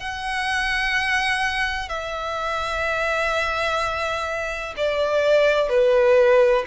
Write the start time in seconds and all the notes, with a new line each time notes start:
0.00 F#5
1.89 E5
4.77 D5
5.69 B4